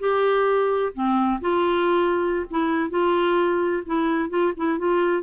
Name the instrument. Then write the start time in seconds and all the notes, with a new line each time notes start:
clarinet
0.00 G4
0.94 C4
1.41 F4
2.51 E4
2.90 F4
3.86 E4
4.30 F4
4.57 E4
4.79 F4